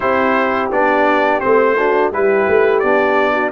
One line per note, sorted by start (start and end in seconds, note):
0.00 0.71 C4
0.00 0.70 E4
0.00 1.76 G4
0.00 0.69 C5
0.71 1.42 B3
0.71 1.41 D4
0.71 1.40 D5
1.40 2.11 A3
1.40 1.76 C4
1.40 2.10 C5
1.77 2.12 D4
1.77 2.12 F#4
2.11 2.46 G3
2.11 2.83 E4
2.11 3.33 G4
2.11 2.79 B4
2.48 2.83 A3
2.79 3.51 B3
2.79 3.51 D4
2.79 3.49 D5
3.33 3.50 F#4